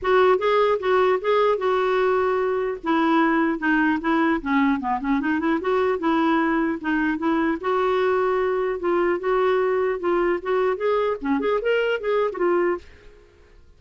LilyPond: \new Staff \with { instrumentName = "clarinet" } { \time 4/4 \tempo 4 = 150 fis'4 gis'4 fis'4 gis'4 | fis'2. e'4~ | e'4 dis'4 e'4 cis'4 | b8 cis'8 dis'8 e'8 fis'4 e'4~ |
e'4 dis'4 e'4 fis'4~ | fis'2 f'4 fis'4~ | fis'4 f'4 fis'4 gis'4 | cis'8 gis'8 ais'4 gis'8. fis'16 f'4 | }